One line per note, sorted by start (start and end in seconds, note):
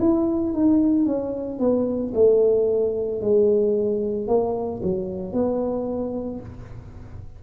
0.00 0.54 E4
0.54 1.06 D#4
1.06 1.59 C#4
1.59 2.13 B3
2.15 3.22 A3
3.22 4.28 G#3
4.28 4.82 A#3
4.83 5.33 F#3
5.33 6.40 B3